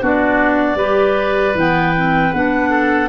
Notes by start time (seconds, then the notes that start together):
0.00 B3 D4 F#4 D5
0.75 G3 G4 B4
1.54 E3 B3 G5
1.96 C4
2.33 B3 D4 F#5
2.70 A4